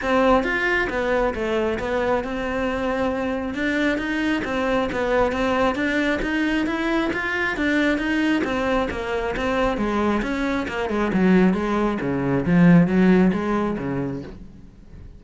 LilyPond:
\new Staff \with { instrumentName = "cello" } { \time 4/4 \tempo 4 = 135 c'4 f'4 b4 a4 | b4 c'2. | d'4 dis'4 c'4 b4 | c'4 d'4 dis'4 e'4 |
f'4 d'4 dis'4 c'4 | ais4 c'4 gis4 cis'4 | ais8 gis8 fis4 gis4 cis4 | f4 fis4 gis4 cis4 | }